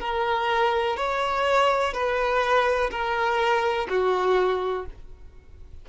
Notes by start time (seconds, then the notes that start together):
0.00 A#4
0.97 C#5
1.94 B4
2.91 A#4
3.89 F#4